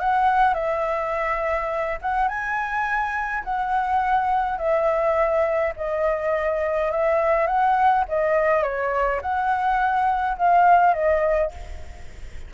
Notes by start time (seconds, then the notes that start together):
0.00 F#5
0.55 E5
2.02 F#5
2.28 G#5
3.45 F#5
4.58 E5
5.77 D#5
6.92 E5
7.47 F#5
8.09 D#5
8.63 C#5
9.22 F#5
10.38 F5
10.94 D#5